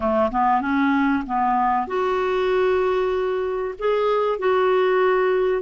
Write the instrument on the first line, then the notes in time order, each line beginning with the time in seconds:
clarinet
0.00 A3
0.31 B3
0.61 C#4
1.26 B3
1.87 F#4
3.78 G#4
4.38 F#4